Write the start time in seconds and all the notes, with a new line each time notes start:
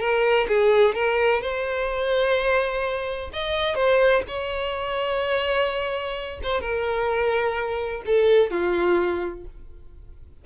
0.00 A#4
0.49 G#4
0.95 A#4
1.42 C5
3.33 D#5
3.75 C5
4.28 C#5
6.43 C5
6.61 A#4
8.06 A4
8.51 F4